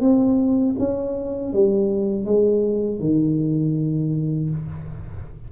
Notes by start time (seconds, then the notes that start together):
0.00 C4
0.78 C#4
1.53 G3
2.24 G#3
2.99 D#3